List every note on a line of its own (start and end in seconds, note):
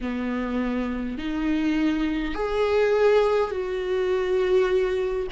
0.00 1.18 B3
1.18 2.34 D#4
2.34 3.50 G#4
3.50 5.27 F#4